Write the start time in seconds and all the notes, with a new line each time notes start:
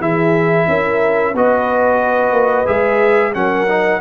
0.00 E3 E4 G#4 E5
0.67 C#4 A#4
1.34 B3 F#4 B4 D#5
2.32 A#3
2.65 G#3 G#4 E5
3.34 F#3 C#4 A#4 F#5
3.68 D#4